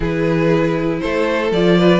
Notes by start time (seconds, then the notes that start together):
0.00 E3 E4 G#4 B4
1.00 A3 A4 C5
1.51 F3 F4 D5
1.78 B4